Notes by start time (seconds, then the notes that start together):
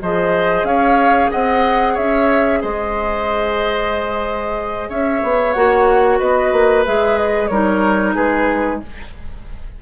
0.00 F3 G#4 C5 D#5
0.63 C#4 C#5 F5
1.31 C4 D#5 F#5
1.93 C#4 C#5 E5
2.61 G#3 C5 D#5
4.89 C#4 C#5 E5
5.23 B3
5.53 A#3 F#4 F#5
6.19 B3 B4 D#5
6.52 A#3
6.85 G#3 G#4 E5
7.18 D#5
7.47 G3 D#4 A#4 C#5
8.15 G#3 G#4 B4